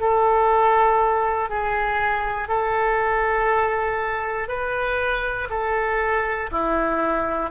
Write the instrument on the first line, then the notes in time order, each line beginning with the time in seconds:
oboe
0.00 A4
1.49 G#4
2.48 A4
4.48 B4
5.50 A4
6.51 E4